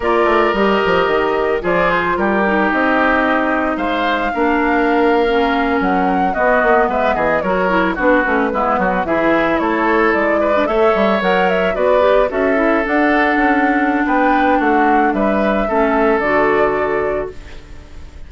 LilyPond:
<<
  \new Staff \with { instrumentName = "flute" } { \time 4/4 \tempo 4 = 111 d''4 dis''2 d''8 c''8 | ais'4 dis''2 f''4~ | f''2~ f''8. fis''4 dis''16~ | dis''8. e''8 dis''8 cis''4 b'4~ b'16~ |
b'8. e''4 cis''4 d''4 e''16~ | e''8. fis''8 e''8 d''4 e''4 fis''16~ | fis''2 g''4 fis''4 | e''2 d''2 | }
  \new Staff \with { instrumentName = "oboe" } { \time 4/4 ais'2. gis'4 | g'2. c''4 | ais'2.~ ais'8. fis'16~ | fis'8. b'8 gis'8 ais'4 fis'4 e'16~ |
e'16 fis'8 gis'4 a'4. b'8 cis''16~ | cis''4.~ cis''16 b'4 a'4~ a'16~ | a'2 b'4 fis'4 | b'4 a'2. | }
  \new Staff \with { instrumentName = "clarinet" } { \time 4/4 f'4 g'2 f'4~ | f'8 dis'2.~ dis'8 | d'4.~ d'16 cis'2 b16~ | b4.~ b16 fis'8 e'8 d'8 cis'8 b16~ |
b8. e'2~ e'8. d'16 a'16~ | a'8. ais'4 fis'8 g'8 fis'8 e'8 d'16~ | d'1~ | d'4 cis'4 fis'2 | }
  \new Staff \with { instrumentName = "bassoon" } { \time 4/4 ais8 a8 g8 f8 dis4 f4 | g4 c'2 gis4 | ais2~ ais8. fis4 b16~ | b16 ais8 gis8 e8 fis4 b8 a8 gis16~ |
gis16 fis8 e4 a4 gis4 a16~ | a16 g8 fis4 b4 cis'4 d'16~ | d'8. cis'4~ cis'16 b4 a4 | g4 a4 d2 | }
>>